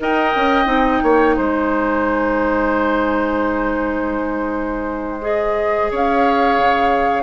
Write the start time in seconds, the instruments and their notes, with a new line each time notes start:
0.00 bassoon D#4, clarinet A#4, oboe D#5, flute G5
0.36 bassoon C#4
0.65 bassoon C4, clarinet D#4
1.03 bassoon A#3, oboe C#5
1.36 bassoon G#3, oboe C5, flute G#5
5.21 clarinet G#4, flute D#5
5.91 bassoon C#4, oboe C#5, flute F5
6.58 bassoon C#3